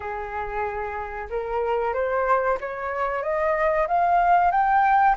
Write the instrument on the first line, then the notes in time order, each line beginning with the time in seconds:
flute
0.00 G#4
1.29 A#4
1.93 C5
2.60 C#5
3.22 D#5
3.87 F5
4.51 G5